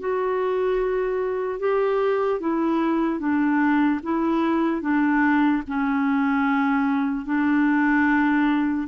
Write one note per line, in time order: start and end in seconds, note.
0.00 1.60 F#4
1.60 2.40 G4
2.40 3.20 E4
3.20 4.01 D4
4.04 4.82 E4
4.82 5.63 D4
5.68 7.26 C#4
7.26 8.88 D4